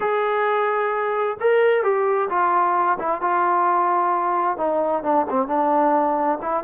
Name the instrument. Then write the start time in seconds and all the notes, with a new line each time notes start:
trombone
0.00 G#4
1.40 A#4
1.83 G4
2.29 F4
2.99 E4
3.21 F4
4.57 D#4
5.03 D4
5.30 C4
5.47 D4
6.42 E4